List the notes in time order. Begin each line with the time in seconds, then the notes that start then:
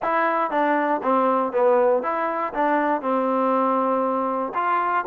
0.02 E4
0.50 D4
1.02 C4
1.52 B3
2.02 E4
2.53 D4
3.01 C4
4.54 F4